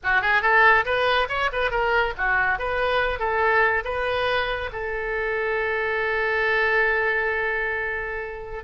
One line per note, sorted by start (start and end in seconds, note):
0.03 0.21 F#4
0.21 0.42 G#4
0.42 0.85 A4
0.85 1.28 B4
1.28 1.50 C#5
1.52 1.70 B4
1.70 2.13 A#4
2.17 2.58 F#4
2.58 3.19 B4
3.19 3.83 A4
3.84 4.69 B4
4.72 8.64 A4